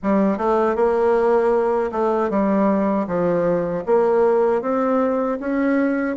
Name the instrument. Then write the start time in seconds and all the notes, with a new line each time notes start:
bassoon
0.02 G3
0.37 A3
0.75 A#3
1.91 A3
2.29 G3
3.07 F3
3.86 A#3
4.61 C4
5.40 C#4